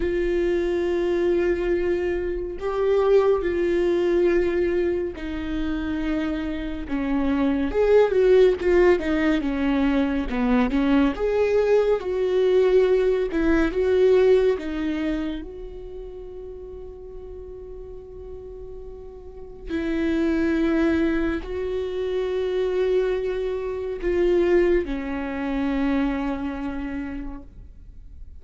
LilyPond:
\new Staff \with { instrumentName = "viola" } { \time 4/4 \tempo 4 = 70 f'2. g'4 | f'2 dis'2 | cis'4 gis'8 fis'8 f'8 dis'8 cis'4 | b8 cis'8 gis'4 fis'4. e'8 |
fis'4 dis'4 fis'2~ | fis'2. e'4~ | e'4 fis'2. | f'4 cis'2. | }